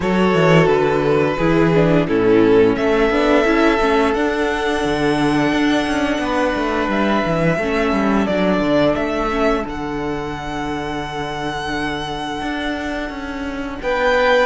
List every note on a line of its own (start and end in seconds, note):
0.00 0.33 F#3
0.00 1.38 F#4
0.00 1.37 A4
0.00 0.67 C#5
0.33 0.67 E3
0.67 1.36 D3
0.67 2.05 B4
1.37 2.08 E3
1.37 1.73 E4
1.37 2.06 G#4
1.74 2.08 D4
2.08 2.76 A2
2.08 3.11 C#4
2.08 2.77 E4
2.08 2.76 A4
2.76 3.10 A3
2.76 6.21 A4
2.76 4.14 E5
3.10 3.44 B3
3.10 3.44 D4
3.44 3.78 C#4
3.44 3.79 E4
3.80 4.14 A3
3.80 4.15 C#4
4.14 4.83 D4
4.14 7.59 D4
4.14 6.90 F#5
4.84 5.52 D3
5.52 5.86 D4
5.86 6.18 C#4
6.18 6.52 B3
6.18 7.57 B4
6.55 6.88 A3
6.88 7.22 G3
6.88 8.26 E5
7.25 7.58 E3
7.57 7.92 A3
7.57 8.30 C#4
7.57 13.78 A4
7.92 8.26 G3
8.26 8.59 F#3
8.26 9.30 D4
8.26 8.95 D5
8.59 8.94 D3
8.95 9.65 A3
8.95 9.64 E5
9.30 9.63 C#4
9.63 12.41 D3
9.63 14.45 D4
9.63 13.81 F#5
12.41 13.09 D4
13.09 13.78 C#4
13.81 14.45 B3
13.81 14.45 B4
13.81 14.45 G5